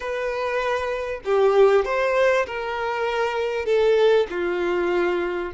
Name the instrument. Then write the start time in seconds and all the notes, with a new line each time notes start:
violin
0.00 B4
1.24 G4
1.84 C5
2.46 A#4
3.65 A4
4.30 F4